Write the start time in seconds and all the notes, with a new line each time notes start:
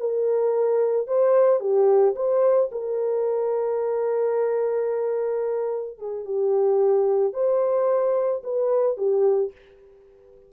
0.00 A#4
1.08 C5
1.61 G4
2.16 C5
2.72 A#4
5.99 G#4
6.26 G4
7.34 C5
8.44 B4
8.98 G4